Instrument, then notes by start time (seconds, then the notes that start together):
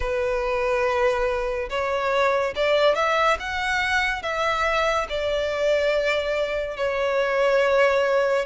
violin
0.00 B4
1.69 C#5
2.55 D5
2.95 E5
3.39 F#5
4.22 E5
5.09 D5
6.76 C#5